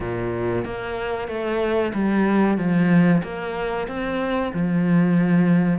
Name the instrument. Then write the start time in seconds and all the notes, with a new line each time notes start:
cello
0.00 A#2
0.65 A#3
1.27 A3
1.94 G3
2.57 F3
3.23 A#3
3.87 C4
4.53 F3